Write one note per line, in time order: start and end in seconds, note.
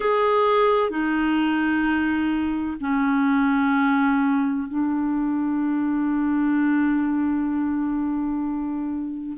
0.00 0.89 G#4
0.89 2.77 D#4
2.80 4.67 C#4
4.67 9.36 D4